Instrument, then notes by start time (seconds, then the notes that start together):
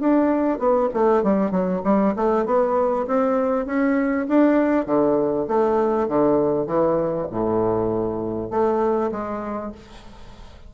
bassoon
0.00 D4
0.59 B3
0.94 A3
1.23 G3
1.51 F#3
1.84 G3
2.16 A3
2.46 B3
3.07 C4
3.66 C#4
4.28 D4
4.86 D3
5.48 A3
6.08 D3
6.67 E3
7.31 A2
8.50 A3
9.12 G#3